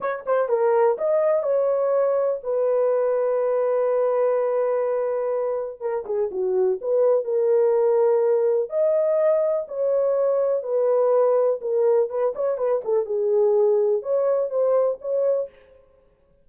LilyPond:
\new Staff \with { instrumentName = "horn" } { \time 4/4 \tempo 4 = 124 cis''8 c''8 ais'4 dis''4 cis''4~ | cis''4 b'2.~ | b'1 | ais'8 gis'8 fis'4 b'4 ais'4~ |
ais'2 dis''2 | cis''2 b'2 | ais'4 b'8 cis''8 b'8 a'8 gis'4~ | gis'4 cis''4 c''4 cis''4 | }